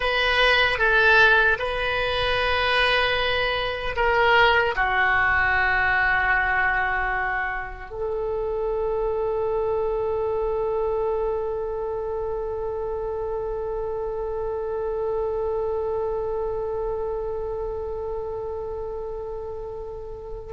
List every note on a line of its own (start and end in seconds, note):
0.00 0.78 B4
0.78 1.57 A4
1.58 3.95 B4
3.95 4.74 A#4
4.75 7.90 F#4
7.90 20.53 A4